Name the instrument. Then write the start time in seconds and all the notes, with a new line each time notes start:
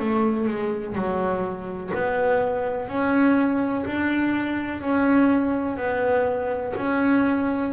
double bass
0.00 A3
0.48 G#3
0.95 F#3
1.95 B3
2.89 C#4
3.86 D4
4.81 C#4
5.78 B3
6.77 C#4